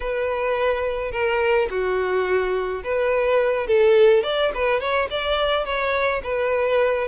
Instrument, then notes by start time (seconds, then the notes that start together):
violin
0.00 B4
1.11 A#4
1.70 F#4
2.83 B4
3.67 A4
4.23 D5
4.54 B4
4.80 C#5
5.10 D5
5.64 C#5
6.23 B4